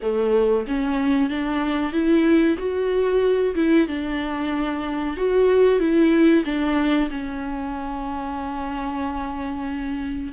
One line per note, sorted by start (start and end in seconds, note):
0.02 0.66 A3
0.67 1.29 C#4
1.29 1.92 D4
1.92 2.57 E4
2.57 3.54 F#4
3.55 3.87 E4
3.87 5.16 D4
5.16 5.79 F#4
5.79 6.44 E4
6.44 7.09 D4
7.10 10.32 C#4